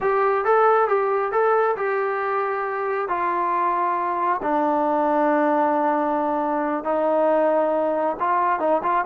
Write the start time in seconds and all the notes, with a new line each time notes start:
0.00 G4
0.44 A4
0.88 G4
1.31 A4
1.76 G4
3.08 F4
4.42 D4
6.84 D#4
8.19 F4
8.59 D#4
8.82 F4